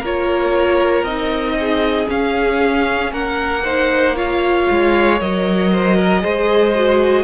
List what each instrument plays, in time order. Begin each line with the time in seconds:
0.00 cello A#3, viola F4, violin A#4 C#5
1.03 cello C4, viola D#4, violin D#5
1.60 violin G#4
2.08 viola C#4, cello C#4, violin F5
3.12 cello A#3, violin A#4 F#5
3.64 viola D#4, violin C5
4.16 viola F4, violin C#5 F5
4.70 cello G#3
5.20 cello F#3, viola A#4, violin D#5
5.72 violin C5
5.97 violin A#4
6.21 cello G#3, viola G#4, violin C5
6.75 viola F#4